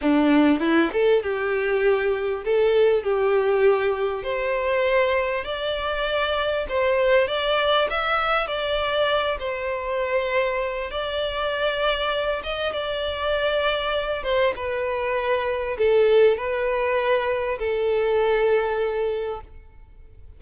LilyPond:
\new Staff \with { instrumentName = "violin" } { \time 4/4 \tempo 4 = 99 d'4 e'8 a'8 g'2 | a'4 g'2 c''4~ | c''4 d''2 c''4 | d''4 e''4 d''4. c''8~ |
c''2 d''2~ | d''8 dis''8 d''2~ d''8 c''8 | b'2 a'4 b'4~ | b'4 a'2. | }